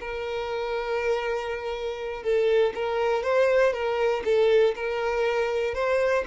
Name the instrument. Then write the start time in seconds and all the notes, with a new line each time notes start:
violin
0.00 A#4
2.23 A4
2.75 A#4
3.23 C5
3.73 A#4
4.25 A4
4.76 A#4
5.75 C5